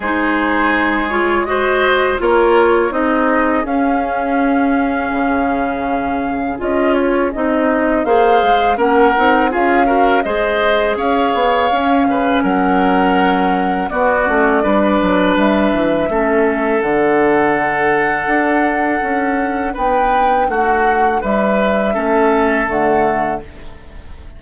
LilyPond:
<<
  \new Staff \with { instrumentName = "flute" } { \time 4/4 \tempo 4 = 82 c''4. cis''8 dis''4 cis''4 | dis''4 f''2.~ | f''4 dis''8 cis''8 dis''4 f''4 | fis''4 f''4 dis''4 f''4~ |
f''4 fis''2 d''4~ | d''4 e''2 fis''4~ | fis''2. g''4 | fis''4 e''2 fis''4 | }
  \new Staff \with { instrumentName = "oboe" } { \time 4/4 gis'2 c''4 ais'4 | gis'1~ | gis'2. c''4 | ais'4 gis'8 ais'8 c''4 cis''4~ |
cis''8 b'8 ais'2 fis'4 | b'2 a'2~ | a'2. b'4 | fis'4 b'4 a'2 | }
  \new Staff \with { instrumentName = "clarinet" } { \time 4/4 dis'4. f'8 fis'4 f'4 | dis'4 cis'2.~ | cis'4 f'4 dis'4 gis'4 | cis'8 dis'8 f'8 fis'8 gis'2 |
cis'2. b8 cis'8 | d'2 cis'4 d'4~ | d'1~ | d'2 cis'4 a4 | }
  \new Staff \with { instrumentName = "bassoon" } { \time 4/4 gis2. ais4 | c'4 cis'2 cis4~ | cis4 cis'4 c'4 ais8 gis8 | ais8 c'8 cis'4 gis4 cis'8 b8 |
cis'8 cis8 fis2 b8 a8 | g8 fis8 g8 e8 a4 d4~ | d4 d'4 cis'4 b4 | a4 g4 a4 d4 | }
>>